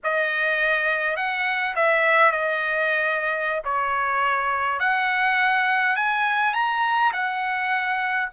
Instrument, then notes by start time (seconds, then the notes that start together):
trumpet
0.03 D#5
1.16 F#5
1.75 E5
2.31 D#5
3.64 C#5
4.79 F#5
5.96 G#5
6.53 A#5
7.12 F#5